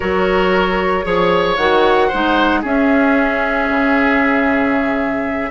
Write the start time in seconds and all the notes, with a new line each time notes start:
0.00 F#3 F#4 A#4 C#5
1.03 F3 G#4 C#5
1.56 D#3 F#4 F#5
2.08 D#4 C5
2.14 G#3
2.61 C#4 G#4 E5
3.69 C#3